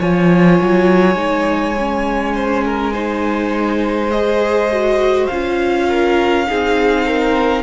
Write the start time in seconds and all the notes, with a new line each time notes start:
0.00 F3 F4 C#5 G#5
0.61 F#3
1.15 G#3 D#4
1.78 C#4
2.35 C5
2.65 A#4
2.93 D#4 C5
4.11 G#4 D#5
4.72 F#4
5.27 C#4 F4 F5
5.88 A#4
6.47 C4 D#4 G#4
7.06 A#4